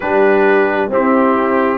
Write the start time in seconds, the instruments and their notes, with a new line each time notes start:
0.00 tuba G3, trombone D4, horn G4, trumpet B4
0.88 tuba C4, trombone C4, horn E4, trumpet G4